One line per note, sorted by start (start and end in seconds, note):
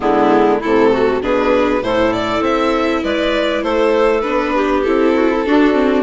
0.00 0.61 D3
0.00 0.60 G#3
0.00 0.59 B3
0.00 0.61 E4
0.59 1.22 C3
0.59 1.21 A3
0.59 0.90 E4
0.59 1.21 A4
0.92 1.22 F#4
1.21 1.81 B2
1.21 1.82 D4
1.21 1.82 G#4
1.21 1.82 B4
1.81 2.41 A2
1.81 4.23 E4
1.81 3.03 A4
1.81 2.12 C5
2.12 2.43 D5
2.41 3.01 C4
2.41 3.03 E5
3.03 3.62 G#3
3.03 3.64 B4
3.03 3.62 D5
3.62 4.23 A3
3.62 4.54 A4
3.62 4.20 C5
4.20 4.86 B3
4.20 4.83 D4
4.20 4.81 B4
4.55 5.15 G4
4.82 5.47 C4
4.82 5.46 E4
4.82 6.03 A4
5.15 5.29 F#4
5.29 5.45 E4
5.46 5.72 D4
5.46 6.03 D4
5.46 6.03 F#4
5.72 6.03 C4